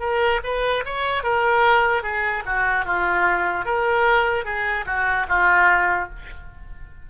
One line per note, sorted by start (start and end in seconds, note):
0.00 0.41 A#4
0.44 0.84 B4
0.86 1.23 C#5
1.23 2.03 A#4
2.03 2.44 G#4
2.46 2.85 F#4
2.85 3.66 F4
3.66 4.45 A#4
4.45 4.85 G#4
4.86 5.27 F#4
5.29 6.10 F4